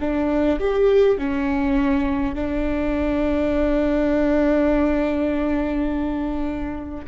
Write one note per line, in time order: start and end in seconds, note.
0.00 0.59 D4
0.59 1.18 G4
1.18 2.34 C#4
2.34 7.05 D4